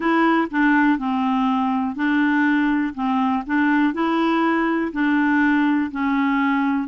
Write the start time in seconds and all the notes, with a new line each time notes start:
0.00 E4
0.50 D4
0.98 C4
1.95 D4
2.94 C4
3.46 D4
3.93 E4
4.92 D4
5.91 C#4